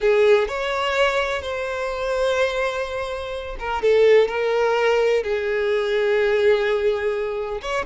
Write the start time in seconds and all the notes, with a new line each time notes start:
0.01 G#4
0.47 C#5
1.42 C5
3.59 A#4
3.82 A4
4.28 A#4
5.23 G#4
7.61 C#5